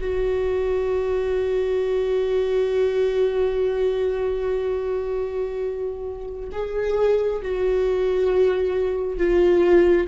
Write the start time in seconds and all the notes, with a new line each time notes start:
0.00 F#4
6.52 G#4
7.42 F#4
9.18 F4